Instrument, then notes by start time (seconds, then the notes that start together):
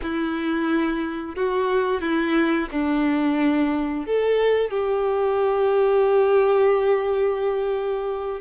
violin
0.02 E4
1.35 F#4
2.01 E4
2.71 D4
4.06 A4
4.70 G4